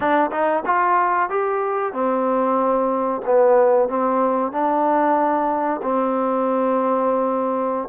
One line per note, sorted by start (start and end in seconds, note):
0.00 0.30 D4
0.31 0.63 D#4
0.65 1.29 F4
1.29 1.92 G4
1.92 3.21 C4
3.25 3.89 B3
3.89 4.52 C4
4.52 5.81 D4
5.82 7.88 C4